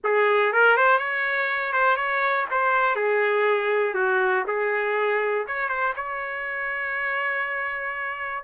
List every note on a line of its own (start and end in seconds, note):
0.04 0.53 G#4
0.53 0.76 A#4
0.76 0.98 C5
0.98 1.72 C#5
1.72 1.96 C5
1.96 2.46 C#5
2.50 2.95 C5
2.95 3.94 G#4
3.94 4.44 F#4
4.47 5.46 G#4
5.47 5.68 C#5
5.68 5.93 C5
5.95 8.43 C#5